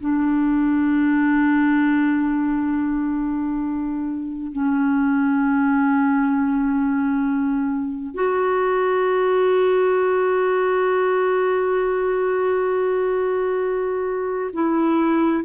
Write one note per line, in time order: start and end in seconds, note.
0.00 4.52 D4
4.52 8.14 C#4
8.14 14.51 F#4
14.53 15.44 E4